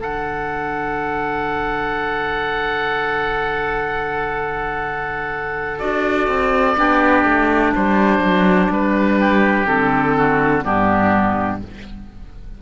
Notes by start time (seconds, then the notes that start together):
0.00 D3 D4 A4 F#5
5.79 D4 F#4 D5
6.28 C4
6.76 B3 D4 G4
7.24 A3
7.75 G3 D4 C5
8.19 F#3
8.71 G3 B4
9.20 G4
9.66 D3 C4 A4
10.17 F#4
10.62 G2 B3 D4 G4